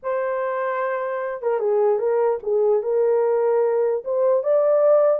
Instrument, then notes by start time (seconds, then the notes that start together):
horn
0.02 C5
1.41 A#4
1.59 G#4
1.98 A#4
2.42 G#4
2.82 A#4
4.04 C5
4.43 D5